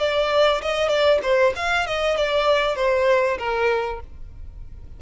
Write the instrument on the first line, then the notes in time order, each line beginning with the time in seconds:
violin
0.00 D5
0.62 D#5
0.89 D5
1.23 C5
1.56 F5
1.87 D#5
2.17 D5
2.76 C5
3.39 A#4